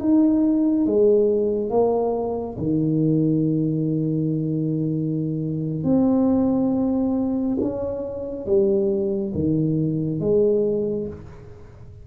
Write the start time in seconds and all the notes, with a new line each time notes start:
0.00 D#4
0.87 G#3
1.70 A#3
2.58 D#3
5.84 C4
7.61 C#4
8.47 G3
9.35 D#3
10.21 G#3